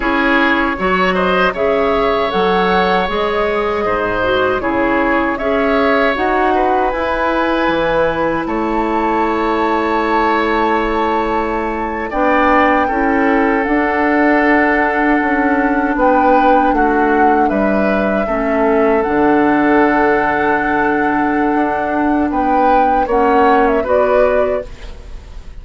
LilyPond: <<
  \new Staff \with { instrumentName = "flute" } { \time 4/4 \tempo 4 = 78 cis''4. dis''8 e''4 fis''4 | dis''2 cis''4 e''4 | fis''4 gis''2 a''4~ | a''2.~ a''8. g''16~ |
g''4.~ g''16 fis''2~ fis''16~ | fis''8. g''4 fis''4 e''4~ e''16~ | e''8. fis''2.~ fis''16~ | fis''4 g''4 fis''8. e''16 d''4 | }
  \new Staff \with { instrumentName = "oboe" } { \time 4/4 gis'4 cis''8 c''8 cis''2~ | cis''4 c''4 gis'4 cis''4~ | cis''8 b'2~ b'8 cis''4~ | cis''2.~ cis''8. d''16~ |
d''8. a'2.~ a'16~ | a'8. b'4 fis'4 b'4 a'16~ | a'1~ | a'4 b'4 cis''4 b'4 | }
  \new Staff \with { instrumentName = "clarinet" } { \time 4/4 e'4 fis'4 gis'4 a'4 | gis'4. fis'8 e'4 gis'4 | fis'4 e'2.~ | e'2.~ e'8. d'16~ |
d'8. e'4 d'2~ d'16~ | d'2.~ d'8. cis'16~ | cis'8. d'2.~ d'16~ | d'2 cis'4 fis'4 | }
  \new Staff \with { instrumentName = "bassoon" } { \time 4/4 cis'4 fis4 cis4 fis4 | gis4 gis,4 cis4 cis'4 | dis'4 e'4 e4 a4~ | a2.~ a8. b16~ |
b8. cis'4 d'2 cis'16~ | cis'8. b4 a4 g4 a16~ | a8. d2.~ d16 | d'4 b4 ais4 b4 | }
>>